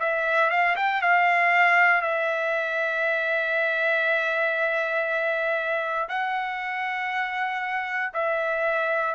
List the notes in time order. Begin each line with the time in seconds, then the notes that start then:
0.00 E5
0.50 F5
0.76 G5
1.02 F5
2.02 E5
6.09 F#5
8.14 E5